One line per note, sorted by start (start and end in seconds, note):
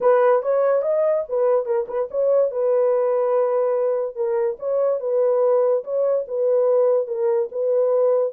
0.01 0.42 B4
0.42 0.82 C#5
0.82 1.23 D#5
1.28 1.65 B4
1.65 1.86 A#4
1.88 2.09 B4
2.10 2.51 C#5
2.51 4.15 B4
4.15 4.57 A#4
4.59 5.00 C#5
5.00 5.83 B4
5.83 6.25 C#5
6.27 7.07 B4
7.07 7.49 A#4
7.51 8.32 B4